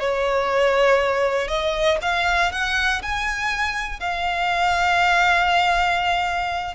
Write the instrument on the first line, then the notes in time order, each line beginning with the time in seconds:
violin
0.00 C#5
1.48 D#5
2.02 F5
2.52 F#5
3.02 G#5
4.00 F5